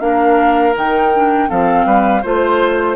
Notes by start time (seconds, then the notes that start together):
0.00 A#3 D4 A#4 F5
0.75 D#3 D#4 G5
1.15 D4
1.48 F3 C4 A4 F5
1.86 G3 B4
2.22 A3 F4 C5